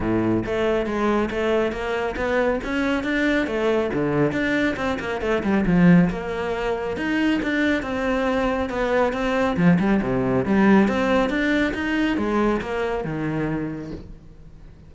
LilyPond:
\new Staff \with { instrumentName = "cello" } { \time 4/4 \tempo 4 = 138 a,4 a4 gis4 a4 | ais4 b4 cis'4 d'4 | a4 d4 d'4 c'8 ais8 | a8 g8 f4 ais2 |
dis'4 d'4 c'2 | b4 c'4 f8 g8 c4 | g4 c'4 d'4 dis'4 | gis4 ais4 dis2 | }